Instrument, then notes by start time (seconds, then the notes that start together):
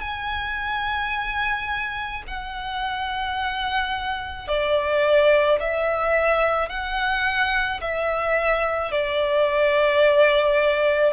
violin
0.00 G#5
2.27 F#5
4.47 D5
5.59 E5
6.69 F#5
7.81 E5
8.91 D5